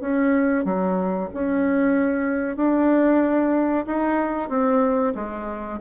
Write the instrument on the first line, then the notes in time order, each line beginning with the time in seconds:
bassoon
0.00 C#4
0.65 F#3
1.33 C#4
2.56 D4
3.86 D#4
4.49 C4
5.15 G#3